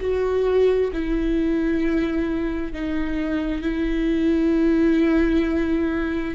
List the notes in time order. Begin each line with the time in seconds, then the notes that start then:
0.00 F#4
0.93 E4
2.72 D#4
3.62 E4